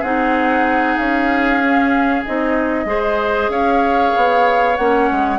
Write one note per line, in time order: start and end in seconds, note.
0.00 0.98 C4
0.00 1.62 D#4
0.00 2.84 G#4
0.00 0.97 F#5
0.97 2.24 C#4
0.97 2.24 F5
1.62 2.25 C#4
2.25 2.85 C4
2.25 2.86 D#4
2.25 3.50 D#5
2.85 3.48 G#3
2.85 4.76 G#4
2.85 3.51 C5
3.49 4.12 C#4
3.49 5.39 C#5
3.49 4.76 F5
4.16 4.78 B3
4.76 5.10 A#3
4.76 5.39 C#4
4.76 5.39 F#5
5.11 5.39 G#3